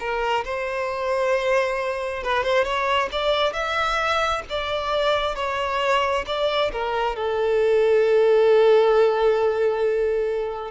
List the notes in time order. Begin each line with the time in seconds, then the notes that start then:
0.00 A#4
0.45 C5
2.24 B4
2.44 C5
2.65 C#5
3.13 D5
3.53 E5
4.50 D5
5.36 C#5
6.27 D5
6.72 A#4
7.16 A4